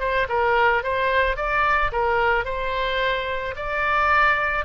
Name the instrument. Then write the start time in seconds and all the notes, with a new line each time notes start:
oboe
0.00 C5
0.29 A#4
0.83 C5
1.37 D5
1.92 A#4
2.45 C5
3.56 D5